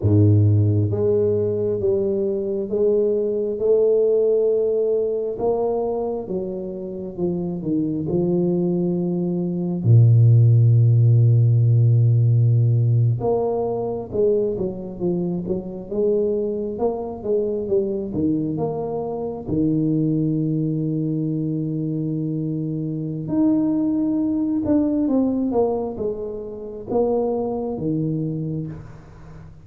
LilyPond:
\new Staff \with { instrumentName = "tuba" } { \time 4/4 \tempo 4 = 67 gis,4 gis4 g4 gis4 | a2 ais4 fis4 | f8 dis8 f2 ais,4~ | ais,2~ ais,8. ais4 gis16~ |
gis16 fis8 f8 fis8 gis4 ais8 gis8 g16~ | g16 dis8 ais4 dis2~ dis16~ | dis2 dis'4. d'8 | c'8 ais8 gis4 ais4 dis4 | }